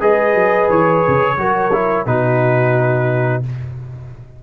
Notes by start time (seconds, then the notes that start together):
0.00 G#3 G#4 B4 D#5
0.35 F#3
0.70 E3 C#5
1.08 C#3
1.38 F#3 F#4 A#4
1.73 E4
2.06 B2 D#4 F#4 B4